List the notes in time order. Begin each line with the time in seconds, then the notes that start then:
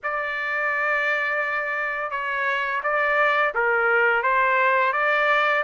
0.03 D5
2.10 C#5
2.83 D5
3.54 A#4
4.22 C5
4.93 D5